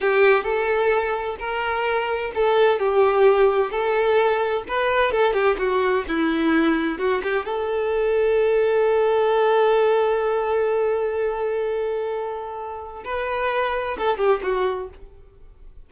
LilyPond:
\new Staff \with { instrumentName = "violin" } { \time 4/4 \tempo 4 = 129 g'4 a'2 ais'4~ | ais'4 a'4 g'2 | a'2 b'4 a'8 g'8 | fis'4 e'2 fis'8 g'8 |
a'1~ | a'1~ | a'1 | b'2 a'8 g'8 fis'4 | }